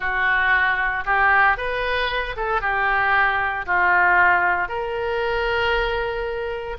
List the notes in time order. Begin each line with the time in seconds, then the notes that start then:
0.00 F#4
1.05 G4
1.57 B4
2.36 A4
2.61 G4
3.66 F4
4.68 A#4